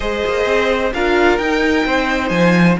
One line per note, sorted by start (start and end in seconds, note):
0.00 0.24 G#3
0.00 0.91 G#4
0.00 0.93 C5
0.00 0.92 D#5
0.26 0.45 A#3
0.45 0.92 C4
0.93 1.38 D4
0.93 1.41 F4
0.93 1.85 A#4
0.93 1.37 F5
1.37 1.85 D#4
1.37 2.79 D#4
1.37 2.28 G5
1.85 2.30 C4
1.85 2.78 C5
2.28 2.76 F3
2.28 2.75 G#5